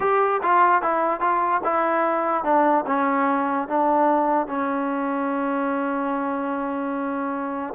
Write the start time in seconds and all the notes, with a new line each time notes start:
0.00 G4
0.42 F4
0.82 E4
1.20 F4
1.63 E4
2.44 D4
2.86 C#4
3.68 D4
4.47 C#4